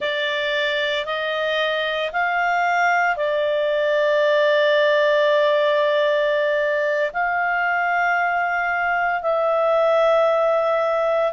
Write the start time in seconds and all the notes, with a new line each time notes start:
0.00 D5
1.05 D#5
2.12 F5
3.16 D5
7.13 F5
9.22 E5